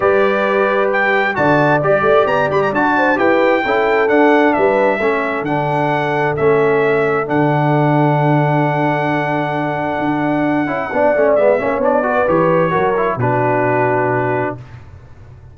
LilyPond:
<<
  \new Staff \with { instrumentName = "trumpet" } { \time 4/4 \tempo 4 = 132 d''2 g''4 a''4 | d''4 ais''8 b''16 ais''16 a''4 g''4~ | g''4 fis''4 e''2 | fis''2 e''2 |
fis''1~ | fis''1~ | fis''4 e''4 d''4 cis''4~ | cis''4 b'2. | }
  \new Staff \with { instrumentName = "horn" } { \time 4/4 b'2. d''4~ | d''2~ d''8 c''8 b'4 | a'2 b'4 a'4~ | a'1~ |
a'1~ | a'1 | d''4. cis''4 b'4. | ais'4 fis'2. | }
  \new Staff \with { instrumentName = "trombone" } { \time 4/4 g'2. fis'4 | g'2 fis'4 g'4 | e'4 d'2 cis'4 | d'2 cis'2 |
d'1~ | d'2.~ d'8 e'8 | d'8 cis'8 b8 cis'8 d'8 fis'8 g'4 | fis'8 e'8 d'2. | }
  \new Staff \with { instrumentName = "tuba" } { \time 4/4 g2. d4 | g8 a8 b8 g8 d'4 e'4 | cis'4 d'4 g4 a4 | d2 a2 |
d1~ | d2 d'4. cis'8 | b8 a8 gis8 ais8 b4 e4 | fis4 b,2. | }
>>